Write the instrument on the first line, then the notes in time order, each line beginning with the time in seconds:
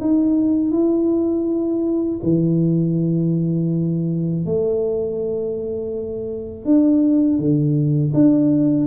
tuba
0.00 D#4
0.71 E4
2.23 E3
4.45 A3
6.65 D4
7.38 D3
8.13 D4